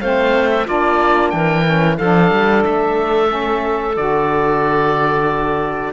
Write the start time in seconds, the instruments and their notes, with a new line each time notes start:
0.00 cello A3, saxophone C4, clarinet C5, oboe F5
0.51 oboe E5
0.66 cello A#3, saxophone D4, clarinet F4, oboe D5
1.30 cello E3, clarinet A#4, oboe G5
1.64 saxophone C#4
1.97 cello F3, saxophone D4, clarinet A4, oboe F5
2.31 cello G3
2.64 cello A3, oboe E5
3.27 saxophone C#4
3.96 cello D3, saxophone F#4, oboe D5